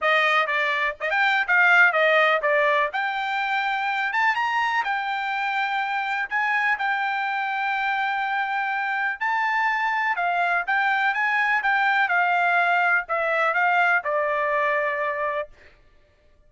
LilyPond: \new Staff \with { instrumentName = "trumpet" } { \time 4/4 \tempo 4 = 124 dis''4 d''4 dis''16 g''8. f''4 | dis''4 d''4 g''2~ | g''8 a''8 ais''4 g''2~ | g''4 gis''4 g''2~ |
g''2. a''4~ | a''4 f''4 g''4 gis''4 | g''4 f''2 e''4 | f''4 d''2. | }